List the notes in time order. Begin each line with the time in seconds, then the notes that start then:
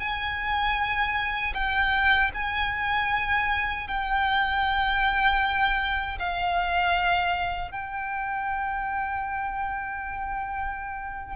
0.00 G#5
1.55 G5
2.34 G#5
3.88 G5
6.19 F5
7.72 G5